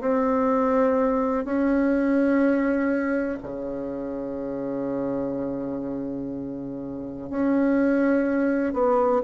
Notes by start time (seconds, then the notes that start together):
0.00 C4
1.44 C#4
3.42 C#3
7.30 C#4
8.73 B3